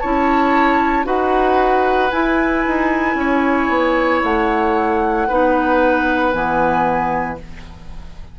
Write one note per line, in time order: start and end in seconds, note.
0.00 1.06 C#4
0.00 1.04 E4
0.00 1.06 C#5
0.00 1.05 A5
1.04 2.11 D#4
1.04 2.09 F#4
1.04 3.17 B4
1.04 2.11 F#5
2.11 5.28 E4
2.11 2.66 E4
2.11 4.21 G#5
2.67 3.15 D#4
3.15 3.68 C#4
3.15 5.28 C#5
3.69 4.22 B3
4.24 5.29 A3
4.24 6.33 F#5
5.28 6.34 B3
5.28 6.34 D#4
5.28 7.39 B4
6.33 7.39 E3
6.33 7.39 B3
6.33 7.38 G#5